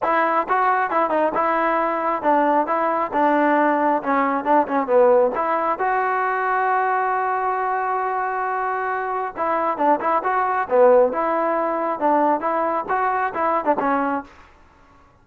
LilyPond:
\new Staff \with { instrumentName = "trombone" } { \time 4/4 \tempo 4 = 135 e'4 fis'4 e'8 dis'8 e'4~ | e'4 d'4 e'4 d'4~ | d'4 cis'4 d'8 cis'8 b4 | e'4 fis'2.~ |
fis'1~ | fis'4 e'4 d'8 e'8 fis'4 | b4 e'2 d'4 | e'4 fis'4 e'8. d'16 cis'4 | }